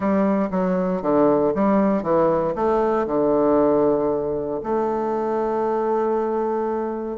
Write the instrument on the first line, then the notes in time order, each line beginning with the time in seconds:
bassoon
0.00 G3
0.50 F#3
1.02 D3
1.55 G3
2.03 E3
2.55 A3
3.07 D3
4.63 A3